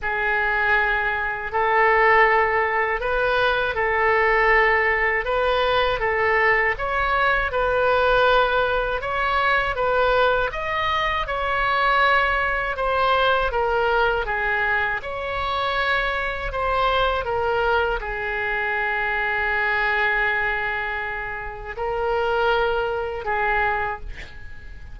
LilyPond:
\new Staff \with { instrumentName = "oboe" } { \time 4/4 \tempo 4 = 80 gis'2 a'2 | b'4 a'2 b'4 | a'4 cis''4 b'2 | cis''4 b'4 dis''4 cis''4~ |
cis''4 c''4 ais'4 gis'4 | cis''2 c''4 ais'4 | gis'1~ | gis'4 ais'2 gis'4 | }